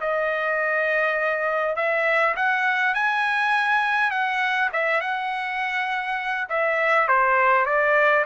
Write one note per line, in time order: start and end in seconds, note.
0.00 1.76 D#5
1.76 2.35 E5
2.36 2.94 F#5
2.94 4.11 G#5
4.11 4.70 F#5
4.73 5.01 E5
5.01 6.48 F#5
6.49 7.08 E5
7.08 7.66 C5
7.66 8.25 D5